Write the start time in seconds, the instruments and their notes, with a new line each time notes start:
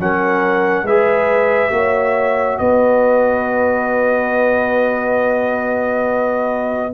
0.00 tuba F#3, trombone C#4, horn A#4, trumpet F#5
0.83 tuba G#3, trombone G#4, horn B4, trumpet E5
1.70 tuba A#3, trombone F#4, horn C#5
2.59 tuba B3, horn B4, trumpet D#5